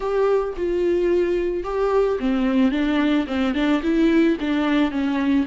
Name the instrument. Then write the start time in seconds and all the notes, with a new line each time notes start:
viola
0.00 G4
0.57 F4
1.63 G4
2.19 C4
2.71 D4
3.27 C4
3.54 D4
3.82 E4
4.40 D4
4.91 C#4